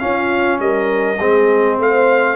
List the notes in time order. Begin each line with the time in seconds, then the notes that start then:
0.00 C#4 F4 F5
0.60 G3 A#4 D#5
1.19 G#3 C4 G#4
1.79 A3 C5 F5